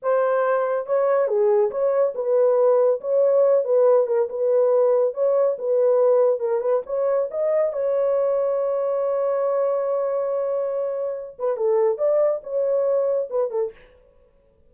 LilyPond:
\new Staff \with { instrumentName = "horn" } { \time 4/4 \tempo 4 = 140 c''2 cis''4 gis'4 | cis''4 b'2 cis''4~ | cis''8 b'4 ais'8 b'2 | cis''4 b'2 ais'8 b'8 |
cis''4 dis''4 cis''2~ | cis''1~ | cis''2~ cis''8 b'8 a'4 | d''4 cis''2 b'8 a'8 | }